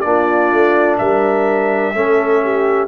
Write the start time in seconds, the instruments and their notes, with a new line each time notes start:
0.00 tuba A#3, trombone D4, horn F4, trumpet D5
0.51 tuba A3
0.98 tuba G3, horn A#4, trumpet E5
1.93 tuba A3, trombone C#4, horn A4
2.43 horn G4